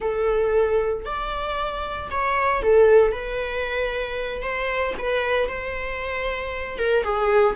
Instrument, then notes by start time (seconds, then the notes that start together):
viola
0.00 A4
1.05 D5
2.10 C#5
2.62 A4
3.11 B4
4.42 C5
4.98 B4
5.48 C5
6.78 A#4
7.03 G#4